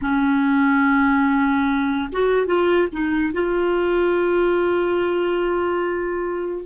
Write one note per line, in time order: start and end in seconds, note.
0.02 2.10 C#4
2.12 2.46 F#4
2.46 2.88 F4
2.92 3.33 D#4
3.33 6.65 F4